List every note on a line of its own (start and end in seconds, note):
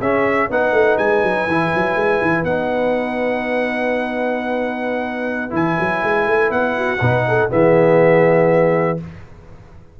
0.00 0.49 C#4
0.00 0.50 C#4
0.00 0.49 G#4
0.00 0.50 E5
0.49 0.72 B3
0.49 1.49 D#4
0.49 6.76 B4
0.49 0.98 F#5
0.72 0.96 A3
0.98 1.23 G#3
0.98 2.44 G#5
1.23 1.47 F#3
1.47 1.71 E3
1.47 2.45 E4
1.75 1.95 F#3
1.95 2.20 G#3
2.21 2.43 E3
2.43 5.50 B3
2.43 5.50 D#4
2.43 5.52 F#5
5.50 5.77 E3
5.50 6.98 E4
5.50 6.51 G#5
5.79 6.03 F#3
6.03 6.27 G#3
6.27 6.50 A3
6.50 6.99 B3
6.50 7.49 F#5
6.76 7.01 F#4
7.01 7.50 B2
7.01 7.50 D#4
7.01 7.25 B4
7.28 7.52 A4
7.50 9.00 E3
7.50 8.97 B3
7.50 9.00 G#4
7.50 8.99 E5